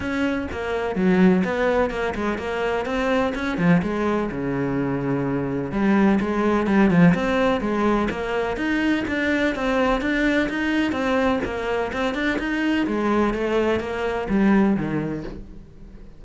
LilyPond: \new Staff \with { instrumentName = "cello" } { \time 4/4 \tempo 4 = 126 cis'4 ais4 fis4 b4 | ais8 gis8 ais4 c'4 cis'8 f8 | gis4 cis2. | g4 gis4 g8 f8 c'4 |
gis4 ais4 dis'4 d'4 | c'4 d'4 dis'4 c'4 | ais4 c'8 d'8 dis'4 gis4 | a4 ais4 g4 dis4 | }